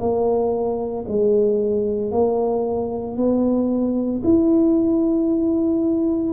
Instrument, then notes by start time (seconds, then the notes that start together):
tuba
0.00 A#3
1.08 G#3
2.12 A#3
3.17 B3
4.24 E4